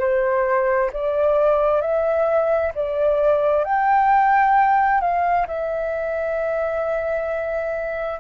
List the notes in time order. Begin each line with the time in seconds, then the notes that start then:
0.00 C5
0.93 D5
1.81 E5
2.75 D5
3.65 G5
5.01 F5
5.48 E5